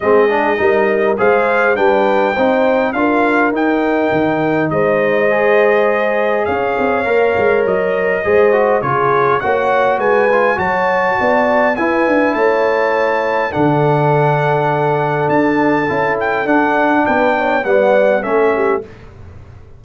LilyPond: <<
  \new Staff \with { instrumentName = "trumpet" } { \time 4/4 \tempo 4 = 102 dis''2 f''4 g''4~ | g''4 f''4 g''2 | dis''2. f''4~ | f''4 dis''2 cis''4 |
fis''4 gis''4 a''2 | gis''4 a''2 fis''4~ | fis''2 a''4. g''8 | fis''4 g''4 fis''4 e''4 | }
  \new Staff \with { instrumentName = "horn" } { \time 4/4 gis'4 ais'4 c''4 b'4 | c''4 ais'2. | c''2. cis''4~ | cis''2 c''4 gis'4 |
cis''4 b'4 cis''4 d''4 | b'4 cis''2 a'4~ | a'1~ | a'4 b'8 cis''8 d''4 a'8 g'8 | }
  \new Staff \with { instrumentName = "trombone" } { \time 4/4 c'8 d'8 dis'4 gis'4 d'4 | dis'4 f'4 dis'2~ | dis'4 gis'2. | ais'2 gis'8 fis'8 f'4 |
fis'4. f'8 fis'2 | e'2. d'4~ | d'2. e'4 | d'2 b4 cis'4 | }
  \new Staff \with { instrumentName = "tuba" } { \time 4/4 gis4 g4 gis4 g4 | c'4 d'4 dis'4 dis4 | gis2. cis'8 c'8 | ais8 gis8 fis4 gis4 cis4 |
ais4 gis4 fis4 b4 | e'8 d'8 a2 d4~ | d2 d'4 cis'4 | d'4 b4 g4 a4 | }
>>